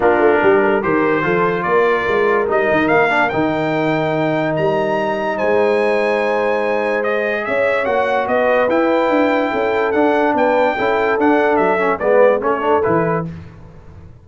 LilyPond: <<
  \new Staff \with { instrumentName = "trumpet" } { \time 4/4 \tempo 4 = 145 ais'2 c''2 | d''2 dis''4 f''4 | g''2. ais''4~ | ais''4 gis''2.~ |
gis''4 dis''4 e''4 fis''4 | dis''4 g''2. | fis''4 g''2 fis''4 | e''4 d''4 cis''4 b'4 | }
  \new Staff \with { instrumentName = "horn" } { \time 4/4 f'4 g'8 a'8 ais'4 a'4 | ais'1~ | ais'1~ | ais'4 c''2.~ |
c''2 cis''2 | b'2. a'4~ | a'4 b'4 a'2~ | a'4 b'4 a'2 | }
  \new Staff \with { instrumentName = "trombone" } { \time 4/4 d'2 g'4 f'4~ | f'2 dis'4. d'8 | dis'1~ | dis'1~ |
dis'4 gis'2 fis'4~ | fis'4 e'2. | d'2 e'4 d'4~ | d'8 cis'8 b4 cis'8 d'8 e'4 | }
  \new Staff \with { instrumentName = "tuba" } { \time 4/4 ais8 a8 g4 dis4 f4 | ais4 gis4 g8 dis8 ais4 | dis2. g4~ | g4 gis2.~ |
gis2 cis'4 ais4 | b4 e'4 d'4 cis'4 | d'4 b4 cis'4 d'4 | fis4 gis4 a4 e4 | }
>>